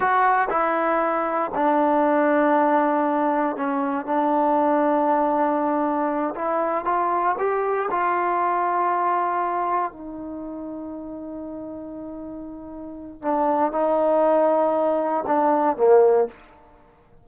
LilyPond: \new Staff \with { instrumentName = "trombone" } { \time 4/4 \tempo 4 = 118 fis'4 e'2 d'4~ | d'2. cis'4 | d'1~ | d'8 e'4 f'4 g'4 f'8~ |
f'2.~ f'8 dis'8~ | dis'1~ | dis'2 d'4 dis'4~ | dis'2 d'4 ais4 | }